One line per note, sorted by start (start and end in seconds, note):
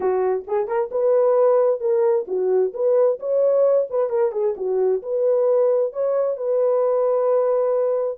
0.00 0.44 F#4
0.47 0.67 G#4
0.67 0.90 A#4
0.91 1.80 B4
1.80 2.25 A#4
2.27 2.73 F#4
2.73 3.19 B4
3.19 3.87 C#5
3.90 4.09 B4
4.09 4.32 A#4
4.32 4.54 G#4
4.56 5.02 F#4
5.02 5.92 B4
5.92 6.36 C#5
6.36 8.18 B4